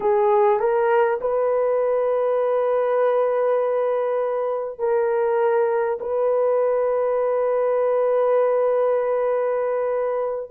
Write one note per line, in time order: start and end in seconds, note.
0.00 0.59 G#4
0.59 1.19 A#4
1.20 4.78 B4
4.78 5.98 A#4
6.00 10.50 B4